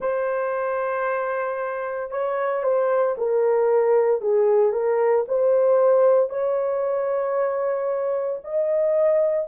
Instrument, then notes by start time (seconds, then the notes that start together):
horn
0.00 C5
2.11 C#5
2.63 C5
3.17 A#4
4.21 G#4
4.72 A#4
5.28 C5
6.29 C#5
8.44 D#5